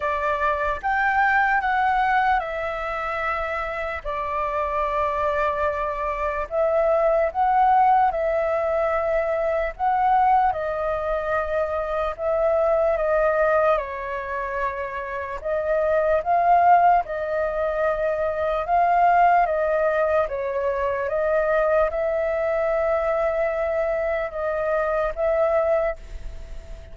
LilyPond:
\new Staff \with { instrumentName = "flute" } { \time 4/4 \tempo 4 = 74 d''4 g''4 fis''4 e''4~ | e''4 d''2. | e''4 fis''4 e''2 | fis''4 dis''2 e''4 |
dis''4 cis''2 dis''4 | f''4 dis''2 f''4 | dis''4 cis''4 dis''4 e''4~ | e''2 dis''4 e''4 | }